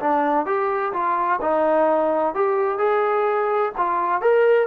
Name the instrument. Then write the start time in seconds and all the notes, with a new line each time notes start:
trombone
0.00 D4
0.46 G4
0.93 F4
1.41 D#4
2.35 G4
2.78 G#4
3.78 F4
4.21 A#4